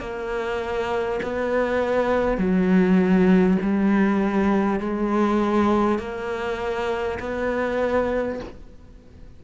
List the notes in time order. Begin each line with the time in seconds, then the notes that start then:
0.00 A#3
1.23 B3
2.38 F#3
3.62 G3
4.80 G#3
5.99 A#3
7.19 B3